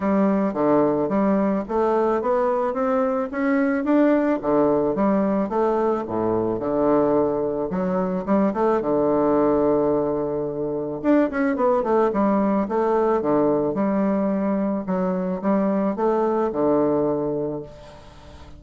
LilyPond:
\new Staff \with { instrumentName = "bassoon" } { \time 4/4 \tempo 4 = 109 g4 d4 g4 a4 | b4 c'4 cis'4 d'4 | d4 g4 a4 a,4 | d2 fis4 g8 a8 |
d1 | d'8 cis'8 b8 a8 g4 a4 | d4 g2 fis4 | g4 a4 d2 | }